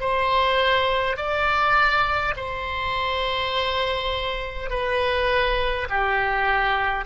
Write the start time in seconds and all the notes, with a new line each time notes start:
0.00 C5
1.17 D5
2.36 C5
4.70 B4
5.89 G4